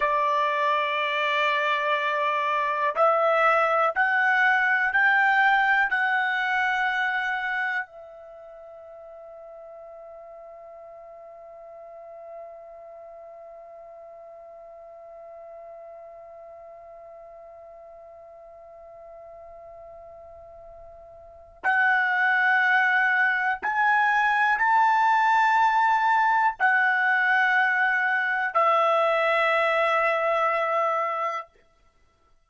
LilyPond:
\new Staff \with { instrumentName = "trumpet" } { \time 4/4 \tempo 4 = 61 d''2. e''4 | fis''4 g''4 fis''2 | e''1~ | e''1~ |
e''1~ | e''2 fis''2 | gis''4 a''2 fis''4~ | fis''4 e''2. | }